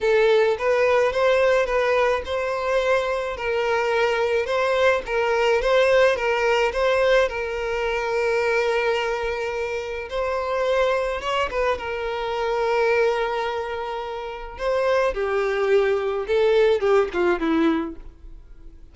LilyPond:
\new Staff \with { instrumentName = "violin" } { \time 4/4 \tempo 4 = 107 a'4 b'4 c''4 b'4 | c''2 ais'2 | c''4 ais'4 c''4 ais'4 | c''4 ais'2.~ |
ais'2 c''2 | cis''8 b'8 ais'2.~ | ais'2 c''4 g'4~ | g'4 a'4 g'8 f'8 e'4 | }